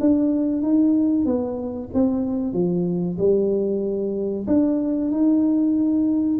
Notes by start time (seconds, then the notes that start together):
0.00 D4
0.62 D#4
1.25 B3
1.93 C4
2.53 F3
3.18 G3
4.47 D4
5.10 D#4